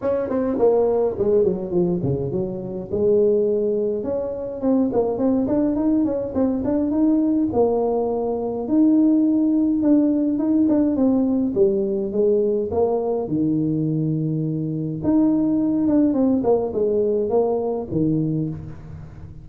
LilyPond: \new Staff \with { instrumentName = "tuba" } { \time 4/4 \tempo 4 = 104 cis'8 c'8 ais4 gis8 fis8 f8 cis8 | fis4 gis2 cis'4 | c'8 ais8 c'8 d'8 dis'8 cis'8 c'8 d'8 | dis'4 ais2 dis'4~ |
dis'4 d'4 dis'8 d'8 c'4 | g4 gis4 ais4 dis4~ | dis2 dis'4. d'8 | c'8 ais8 gis4 ais4 dis4 | }